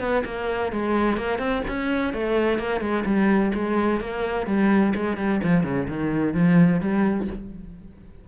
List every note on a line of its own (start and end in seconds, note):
0.00 0.23 B3
0.25 0.72 A#3
0.72 1.17 G#3
1.17 1.39 A#3
1.39 1.62 C4
1.68 2.14 C#4
2.14 2.59 A3
2.59 2.81 A#3
2.81 3.04 G#3
3.06 3.52 G3
3.55 4.01 G#3
4.01 4.47 A#3
4.47 4.94 G3
4.95 5.17 G#3
5.17 5.41 G3
5.44 5.64 F3
5.64 5.87 C#3
5.88 6.34 D#3
6.34 6.81 F3
6.81 7.28 G3